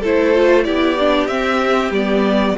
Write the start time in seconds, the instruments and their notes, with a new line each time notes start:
0.00 cello A3, viola E4, violin A4 C5
0.34 viola F4
0.64 cello B3, viola E4, violin G4 D5
0.99 viola D4
1.27 cello C4, viola C4, violin E5
1.90 cello G3, viola B3, violin D5